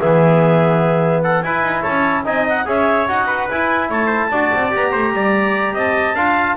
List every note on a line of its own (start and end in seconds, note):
0.00 1.44 E3
0.00 1.44 B3
0.00 1.24 G#4
0.00 1.22 E5
1.22 1.44 A4
1.22 1.43 F#5
1.43 1.63 E4
1.43 2.24 E4
1.43 1.82 B4
1.43 1.83 G#5
1.63 1.84 D#4
1.82 2.26 C#4
1.82 2.23 C#5
1.82 2.24 A5
2.24 2.66 C4
2.24 2.65 D#4
2.24 2.67 D#5
2.24 2.47 G#5
2.48 2.68 F#5
2.65 3.07 C#4
2.65 3.07 G#4
2.65 3.27 C#5
2.65 3.08 E5
3.08 3.50 D#4
3.08 3.49 F#4
3.08 3.49 F#5
3.27 3.88 B4
3.50 4.32 E4
3.50 3.90 E4
3.50 3.91 G#5
3.90 4.31 A3
3.90 4.06 C#5
3.90 4.74 A5
4.06 4.27 C5
4.31 4.51 D4
4.31 4.71 F#4
4.31 4.92 D5
4.54 4.74 C4
4.71 4.95 B3
4.71 6.15 G4
4.71 5.77 A#5
4.92 5.13 A3
4.92 5.12 C5
5.13 5.73 G3
5.13 5.74 D5
5.73 6.14 C4
5.73 6.15 D#5
5.73 6.57 A5
6.15 6.56 D4
6.15 6.57 F4
6.15 6.57 F5